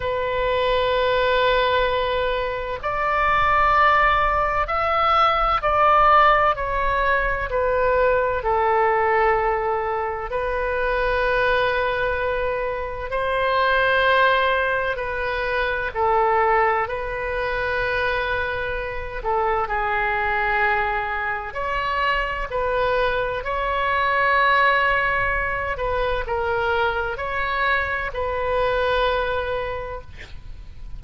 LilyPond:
\new Staff \with { instrumentName = "oboe" } { \time 4/4 \tempo 4 = 64 b'2. d''4~ | d''4 e''4 d''4 cis''4 | b'4 a'2 b'4~ | b'2 c''2 |
b'4 a'4 b'2~ | b'8 a'8 gis'2 cis''4 | b'4 cis''2~ cis''8 b'8 | ais'4 cis''4 b'2 | }